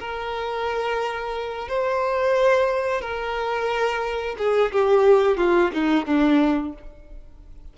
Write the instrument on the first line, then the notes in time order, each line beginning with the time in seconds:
violin
0.00 A#4
1.69 C5
3.02 A#4
4.39 G#4
4.72 G4
5.37 F4
5.74 D#4
6.06 D4